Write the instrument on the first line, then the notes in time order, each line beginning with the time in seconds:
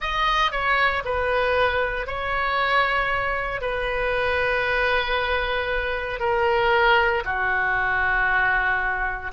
oboe
0.00 D#5
0.51 C#5
1.04 B4
2.06 C#5
3.61 B4
6.19 A#4
7.24 F#4